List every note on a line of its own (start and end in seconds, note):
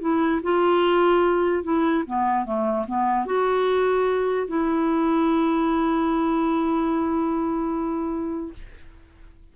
0.00 0.41 E4
0.43 1.63 F4
1.63 2.03 E4
2.06 2.45 B3
2.45 2.86 A3
2.87 3.25 B3
3.25 4.47 F#4
4.47 8.53 E4